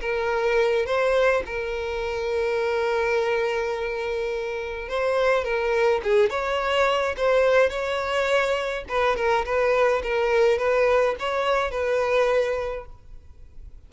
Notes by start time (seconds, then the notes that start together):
0.00 A#4
0.85 C5
1.45 A#4
4.88 C5
5.44 A#4
6.03 G#4
6.29 C#5
7.17 C5
7.69 C#5
8.88 B4
9.16 A#4
9.45 B4
10.03 A#4
10.58 B4
11.19 C#5
11.71 B4